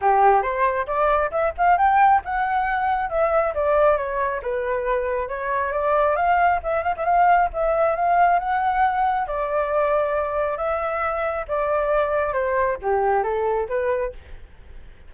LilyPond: \new Staff \with { instrumentName = "flute" } { \time 4/4 \tempo 4 = 136 g'4 c''4 d''4 e''8 f''8 | g''4 fis''2 e''4 | d''4 cis''4 b'2 | cis''4 d''4 f''4 e''8 f''16 e''16 |
f''4 e''4 f''4 fis''4~ | fis''4 d''2. | e''2 d''2 | c''4 g'4 a'4 b'4 | }